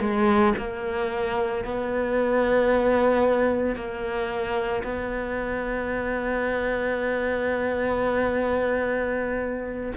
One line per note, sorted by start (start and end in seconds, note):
0.00 0.54 G#3
0.57 1.64 A#3
1.64 3.75 B3
3.75 4.83 A#3
4.84 9.93 B3